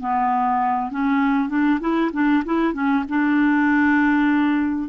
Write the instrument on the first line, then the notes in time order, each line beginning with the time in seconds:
clarinet
0.00 B3
0.91 C#4
1.49 D4
1.80 E4
2.12 D4
2.45 E4
2.73 C#4
3.08 D4